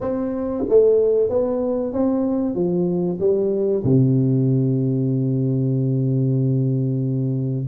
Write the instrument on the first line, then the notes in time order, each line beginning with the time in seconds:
tuba
0.00 C4
0.68 A3
1.29 B3
1.92 C4
2.54 F3
3.19 G3
3.84 C3